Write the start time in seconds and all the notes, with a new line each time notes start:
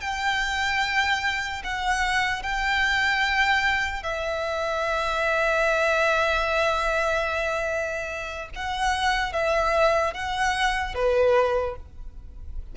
0.00 G5
1.64 F#5
2.43 G5
4.03 E5
8.55 F#5
9.32 E5
10.14 F#5
10.94 B4